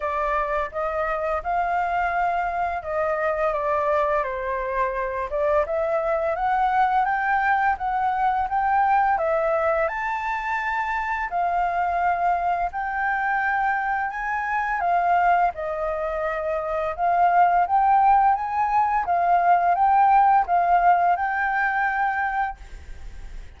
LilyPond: \new Staff \with { instrumentName = "flute" } { \time 4/4 \tempo 4 = 85 d''4 dis''4 f''2 | dis''4 d''4 c''4. d''8 | e''4 fis''4 g''4 fis''4 | g''4 e''4 a''2 |
f''2 g''2 | gis''4 f''4 dis''2 | f''4 g''4 gis''4 f''4 | g''4 f''4 g''2 | }